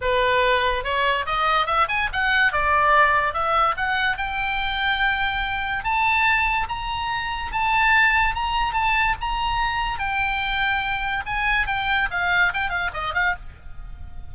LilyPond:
\new Staff \with { instrumentName = "oboe" } { \time 4/4 \tempo 4 = 144 b'2 cis''4 dis''4 | e''8 gis''8 fis''4 d''2 | e''4 fis''4 g''2~ | g''2 a''2 |
ais''2 a''2 | ais''4 a''4 ais''2 | g''2. gis''4 | g''4 f''4 g''8 f''8 dis''8 f''8 | }